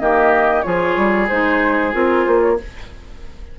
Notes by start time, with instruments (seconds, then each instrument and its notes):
0.00 bassoon D#3, clarinet A#3, oboe G4, flute D#5
0.62 bassoon F3, clarinet F4, oboe G#4, flute C#5
0.97 bassoon G3
1.29 bassoon G#3, clarinet D#4, flute C5
1.92 bassoon C4, clarinet F4, flute A#4
2.25 bassoon A#3, flute C5
2.41 flute C#5